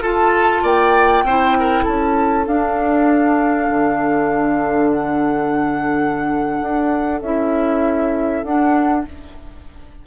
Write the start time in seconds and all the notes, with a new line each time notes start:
0.00 F4 A4 A5
0.63 A#3 D5 G5
1.23 C4 E4 C5
1.59 A#4
1.83 C#4 A4 A5
2.45 D4 F5
3.69 D3
4.91 F#5
6.61 D4
7.21 C#4 E4 E5
8.43 D4 F#5